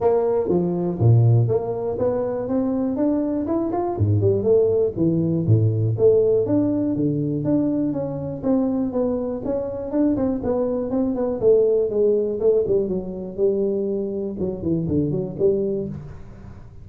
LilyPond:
\new Staff \with { instrumentName = "tuba" } { \time 4/4 \tempo 4 = 121 ais4 f4 ais,4 ais4 | b4 c'4 d'4 e'8 f'8 | gis,8 g8 a4 e4 a,4 | a4 d'4 d4 d'4 |
cis'4 c'4 b4 cis'4 | d'8 c'8 b4 c'8 b8 a4 | gis4 a8 g8 fis4 g4~ | g4 fis8 e8 d8 fis8 g4 | }